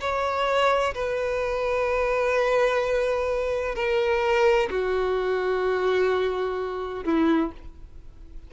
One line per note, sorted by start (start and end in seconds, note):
0.00 0.94 C#5
0.94 3.75 B4
3.75 4.69 A#4
4.70 7.04 F#4
7.04 7.51 E4